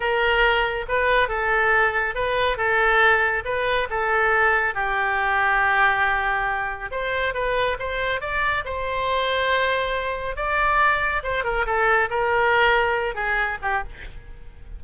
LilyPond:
\new Staff \with { instrumentName = "oboe" } { \time 4/4 \tempo 4 = 139 ais'2 b'4 a'4~ | a'4 b'4 a'2 | b'4 a'2 g'4~ | g'1 |
c''4 b'4 c''4 d''4 | c''1 | d''2 c''8 ais'8 a'4 | ais'2~ ais'8 gis'4 g'8 | }